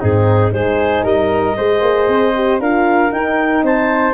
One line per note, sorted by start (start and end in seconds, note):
0.00 0.52 G#2
0.00 0.51 C4
0.00 0.52 D#4
0.00 0.53 G#4
0.51 1.04 G#3
0.51 1.55 D#4
0.51 1.04 G#4
0.51 1.04 C5
1.04 1.56 G3
1.04 1.55 A#4
1.04 2.61 D#5
1.57 1.82 G#3
1.57 2.34 G#4
1.57 2.60 C5
1.82 2.08 A#3
2.08 2.59 C4
2.35 2.61 G4
2.59 3.11 D4
2.59 3.11 F4
2.59 3.64 A#4
2.59 3.12 F5
3.11 4.14 D#4
3.11 3.62 D#4
3.11 3.64 G5
3.62 4.14 C4
3.62 4.14 C5
3.62 4.14 A5